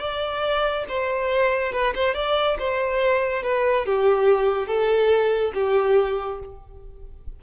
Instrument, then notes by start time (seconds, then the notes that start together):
violin
0.00 D5
0.89 C5
1.73 B4
1.95 C5
2.15 D5
2.59 C5
3.43 B4
3.86 G4
4.68 A4
5.54 G4